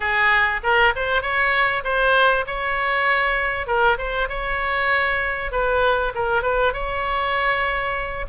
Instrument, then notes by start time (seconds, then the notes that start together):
oboe
0.00 G#4
0.63 A#4
0.95 C5
1.21 C#5
1.84 C5
2.46 C#5
3.67 A#4
3.98 C5
4.29 C#5
5.51 B4
6.14 A#4
6.42 B4
6.73 C#5